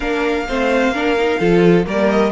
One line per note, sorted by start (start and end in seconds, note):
0.00 0.48 A#3
0.00 0.46 D4
0.00 0.46 A#4
0.00 1.84 F5
0.48 0.89 A3
0.48 0.93 C4
0.48 0.93 C5
0.89 1.35 A#3
0.89 1.17 D4
0.89 1.39 A#4
1.18 1.40 D#4
1.39 1.86 F3
1.39 1.84 F4
1.39 1.85 A4
1.84 2.32 G3
1.84 2.31 A#3
1.84 2.32 A#4
1.84 2.10 D5
2.10 2.32 D#5